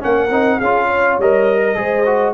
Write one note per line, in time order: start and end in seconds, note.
0.00 0.30 A#3
0.00 0.29 C#4
0.00 0.58 A#4
0.00 0.60 F#5
0.30 0.59 C4
0.30 0.61 D#4
0.58 1.19 C#4
0.58 0.87 G#4
0.58 1.18 F5
0.65 1.22 F4
0.87 1.60 C#5
1.19 1.76 G3
1.19 1.75 A#4
1.19 2.34 D#5
1.62 1.77 A#4
1.75 2.34 G#3
1.75 2.04 G#4
1.75 2.34 C5
2.06 2.34 F#4